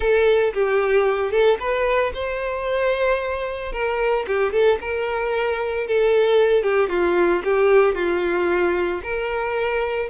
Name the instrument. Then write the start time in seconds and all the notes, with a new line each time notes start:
violin
0.00 A4
0.53 G4
1.31 A4
1.59 B4
2.14 C5
3.72 A#4
4.27 G4
4.52 A4
4.81 A#4
5.87 A4
6.63 G4
6.89 F4
7.43 G4
7.95 F4
9.03 A#4